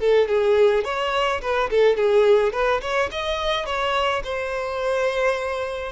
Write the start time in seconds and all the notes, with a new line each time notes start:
0.00 A4
0.28 G#4
0.85 C#5
1.42 B4
1.71 A4
1.97 G#4
2.53 B4
2.81 C#5
3.12 D#5
3.66 C#5
4.24 C5